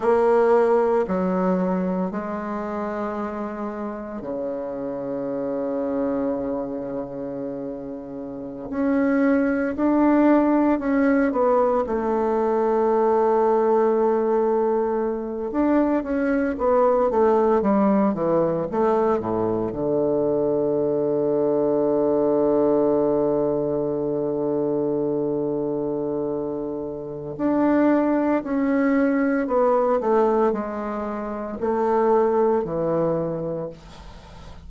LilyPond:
\new Staff \with { instrumentName = "bassoon" } { \time 4/4 \tempo 4 = 57 ais4 fis4 gis2 | cis1~ | cis16 cis'4 d'4 cis'8 b8 a8.~ | a2~ a8. d'8 cis'8 b16~ |
b16 a8 g8 e8 a8 a,8 d4~ d16~ | d1~ | d2 d'4 cis'4 | b8 a8 gis4 a4 e4 | }